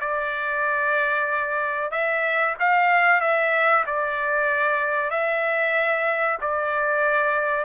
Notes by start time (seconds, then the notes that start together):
0.00 D5
1.91 E5
2.59 F5
3.21 E5
3.86 D5
5.10 E5
6.41 D5